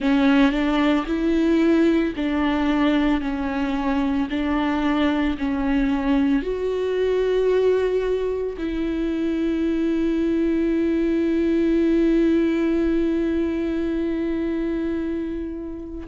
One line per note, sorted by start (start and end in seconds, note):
0.00 0.51 C#4
0.51 1.05 D4
1.06 2.13 E4
2.16 3.20 D4
3.20 4.28 C#4
4.30 5.37 D4
5.38 6.42 C#4
6.42 8.57 F#4
8.57 16.07 E4